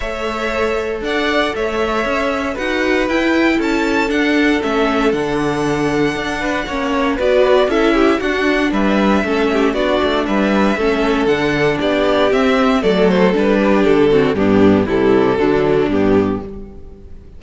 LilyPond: <<
  \new Staff \with { instrumentName = "violin" } { \time 4/4 \tempo 4 = 117 e''2 fis''4 e''4~ | e''4 fis''4 g''4 a''4 | fis''4 e''4 fis''2~ | fis''2 d''4 e''4 |
fis''4 e''2 d''4 | e''2 fis''4 d''4 | e''4 d''8 c''8 b'4 a'4 | g'4 a'2 g'4 | }
  \new Staff \with { instrumentName = "violin" } { \time 4/4 cis''2 d''4 cis''4~ | cis''4 b'2 a'4~ | a'1~ | a'8 b'8 cis''4 b'4 a'8 g'8 |
fis'4 b'4 a'8 g'8 fis'4 | b'4 a'2 g'4~ | g'4 a'4. g'4 fis'8 | d'4 e'4 d'2 | }
  \new Staff \with { instrumentName = "viola" } { \time 4/4 a'1~ | a'4 fis'4 e'2 | d'4 cis'4 d'2~ | d'4 cis'4 fis'4 e'4 |
d'2 cis'4 d'4~ | d'4 cis'4 d'2 | c'4 a4 d'4. c'8 | b4 g4 fis4 b4 | }
  \new Staff \with { instrumentName = "cello" } { \time 4/4 a2 d'4 a4 | cis'4 dis'4 e'4 cis'4 | d'4 a4 d2 | d'4 ais4 b4 cis'4 |
d'4 g4 a4 b8 a8 | g4 a4 d4 b4 | c'4 fis4 g4 d4 | g,4 c4 d4 g,4 | }
>>